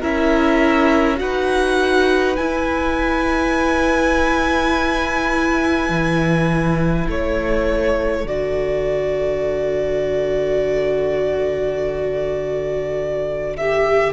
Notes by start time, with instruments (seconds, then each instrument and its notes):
0.00 cello C#4, viola E4, violin A#4 E5
1.17 cello D#4, viola F#4, violin B4 F#5
2.36 viola E4, cello E4, violin G#5
5.89 cello E3
7.08 cello A3, violin A4 C#5
8.25 cello D3, viola F#4, violin D5
13.57 viola G4, violin E5